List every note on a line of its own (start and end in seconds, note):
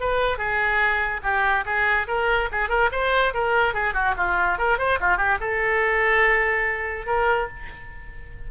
0.00 0.37 B4
0.37 1.21 G#4
1.23 1.65 G4
1.65 2.07 G#4
2.07 2.49 A#4
2.52 2.69 G#4
2.69 2.90 A#4
2.91 3.33 C5
3.34 3.74 A#4
3.74 3.94 G#4
3.94 4.15 F#4
4.17 4.58 F4
4.58 4.78 A#4
4.78 4.99 C5
5.00 5.17 F4
5.17 5.38 G4
5.40 7.06 A4
7.06 7.48 A#4